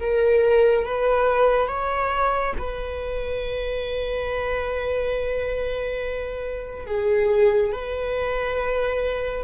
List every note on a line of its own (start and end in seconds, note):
0.00 0.85 A#4
0.85 1.68 B4
1.68 2.53 C#5
2.58 6.86 B4
6.86 7.72 G#4
7.72 9.43 B4